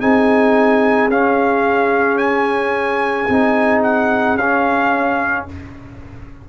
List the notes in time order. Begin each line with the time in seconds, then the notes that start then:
0.00 C4 D#4 G#4 G#5
1.09 C#4 F5
2.17 G#5
3.29 C4 D#4
3.83 F#5
4.35 C#4 F5